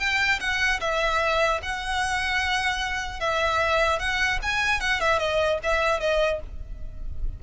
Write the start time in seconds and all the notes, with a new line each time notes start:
0.00 G5
0.40 F#5
0.81 E5
1.63 F#5
3.20 E5
4.00 F#5
4.43 G#5
4.81 F#5
5.01 E5
5.19 D#5
5.64 E5
6.00 D#5